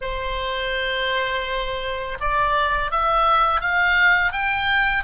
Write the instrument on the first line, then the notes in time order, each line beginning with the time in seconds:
oboe
0.01 C5
2.20 D5
2.91 E5
3.60 F5
4.32 G5